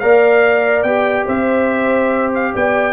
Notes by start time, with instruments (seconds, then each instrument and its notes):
0.00 tuba A#3, trombone A#4, horn D5, trumpet F5
0.83 tuba B3, trombone G4, trumpet G5
1.26 tuba C4, horn C5, trumpet E5
2.34 trumpet F5
2.53 tuba B3, horn D5, trumpet G5